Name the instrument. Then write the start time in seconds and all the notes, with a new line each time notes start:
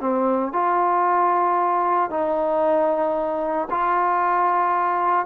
trombone
0.00 C4
0.52 F4
2.10 D#4
3.70 F4